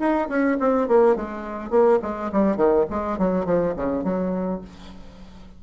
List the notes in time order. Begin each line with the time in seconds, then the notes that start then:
0.00 D#4
0.29 C#4
0.60 C4
0.88 A#3
1.16 G#3
1.71 A#3
2.03 G#3
2.33 G3
2.57 D#3
2.91 G#3
3.19 F#3
3.46 F3
3.77 C#3
4.04 F#3